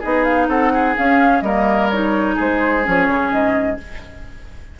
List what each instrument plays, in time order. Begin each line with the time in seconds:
0.00 bassoon B3, clarinet D#4, oboe G#4, flute D#5
0.24 flute F5
0.48 bassoon C4, oboe A4, flute F#5
0.73 oboe G#4
0.97 clarinet C#4, bassoon C#4, flute F5
1.41 bassoon G3, clarinet A#3, oboe A#4, flute D#5
1.90 clarinet D#4, flute C#5
2.35 bassoon G#3, oboe G#4, flute C5
2.83 bassoon F3, clarinet C#4, flute C#5
3.08 bassoon C#3
3.32 bassoon G#2, flute D#5